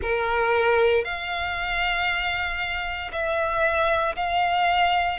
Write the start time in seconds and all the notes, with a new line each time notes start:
0.01 A#4
1.04 F5
3.12 E5
4.16 F5